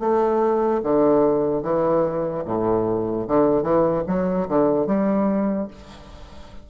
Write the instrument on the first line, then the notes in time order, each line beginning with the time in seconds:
bassoon
0.00 A3
0.83 D3
1.63 E3
2.45 A2
3.28 D3
3.63 E3
4.07 F#3
4.49 D3
4.87 G3